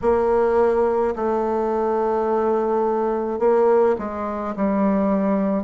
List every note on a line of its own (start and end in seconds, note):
0.01 1.14 A#3
1.15 3.39 A3
3.39 3.95 A#3
3.98 4.54 G#3
4.55 5.63 G3